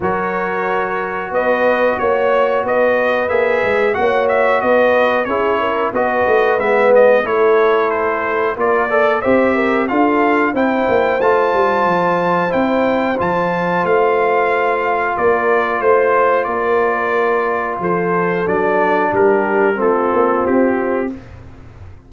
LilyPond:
<<
  \new Staff \with { instrumentName = "trumpet" } { \time 4/4 \tempo 4 = 91 cis''2 dis''4 cis''4 | dis''4 e''4 fis''8 e''8 dis''4 | cis''4 dis''4 e''8 dis''8 cis''4 | c''4 d''4 e''4 f''4 |
g''4 a''2 g''4 | a''4 f''2 d''4 | c''4 d''2 c''4 | d''4 ais'4 a'4 g'4 | }
  \new Staff \with { instrumentName = "horn" } { \time 4/4 ais'2 b'4 cis''4 | b'2 cis''4 b'4 | gis'8 ais'8 b'2 a'4~ | a'4 ais'8 d''8 c''8 ais'8 a'4 |
c''1~ | c''2. ais'4 | c''4 ais'2 a'4~ | a'4 g'4 f'2 | }
  \new Staff \with { instrumentName = "trombone" } { \time 4/4 fis'1~ | fis'4 gis'4 fis'2 | e'4 fis'4 b4 e'4~ | e'4 f'8 a'8 g'4 f'4 |
e'4 f'2 e'4 | f'1~ | f'1 | d'2 c'2 | }
  \new Staff \with { instrumentName = "tuba" } { \time 4/4 fis2 b4 ais4 | b4 ais8 gis8 ais4 b4 | cis'4 b8 a8 gis4 a4~ | a4 ais4 c'4 d'4 |
c'8 ais8 a8 g8 f4 c'4 | f4 a2 ais4 | a4 ais2 f4 | fis4 g4 a8 ais8 c'4 | }
>>